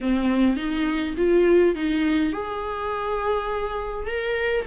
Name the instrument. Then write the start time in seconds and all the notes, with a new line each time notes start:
viola
0.01 C4
0.56 D#4
1.17 F4
1.75 D#4
2.32 G#4
4.06 A#4